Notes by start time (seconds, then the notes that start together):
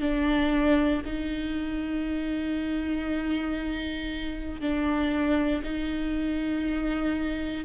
0.00 D4
1.05 D#4
4.60 D4
5.63 D#4